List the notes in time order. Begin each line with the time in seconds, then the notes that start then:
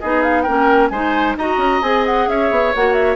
0.00 B3 D#4 G#4 D#5
0.22 F5
0.42 A#3 C#4 A#4 G5
0.89 G#3 D#4 C5 G#5
1.36 D#4 F#4 D#5 A#5
1.57 C#4
1.82 C4 G#4 G#5
2.05 F#5
2.28 C#4 C#5 E5
2.51 B3
2.75 A#3 F#4 F#5
2.93 E5